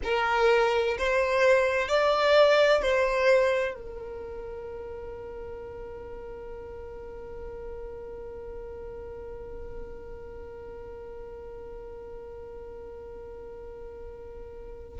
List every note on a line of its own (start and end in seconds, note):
0.03 0.97 A#4
0.98 1.88 C5
1.88 2.81 D5
2.81 3.74 C5
3.74 14.99 A#4